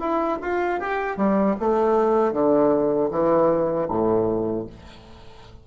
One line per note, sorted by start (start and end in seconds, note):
0.00 0.38 E4
0.42 0.80 F4
0.80 1.17 G4
1.17 1.56 G3
1.60 2.33 A3
2.33 3.10 D3
3.11 3.88 E3
3.90 4.66 A2